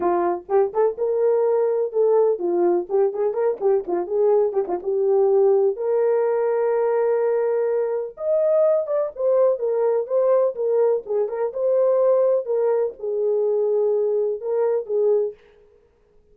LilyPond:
\new Staff \with { instrumentName = "horn" } { \time 4/4 \tempo 4 = 125 f'4 g'8 a'8 ais'2 | a'4 f'4 g'8 gis'8 ais'8 g'8 | f'8 gis'4 g'16 f'16 g'2 | ais'1~ |
ais'4 dis''4. d''8 c''4 | ais'4 c''4 ais'4 gis'8 ais'8 | c''2 ais'4 gis'4~ | gis'2 ais'4 gis'4 | }